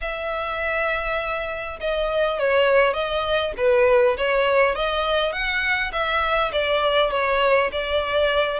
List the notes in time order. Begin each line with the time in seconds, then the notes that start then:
0.01 E5
1.80 D#5
2.39 C#5
2.93 D#5
3.57 B4
4.17 C#5
4.75 D#5
5.32 F#5
5.92 E5
6.52 D5
7.10 C#5
7.72 D5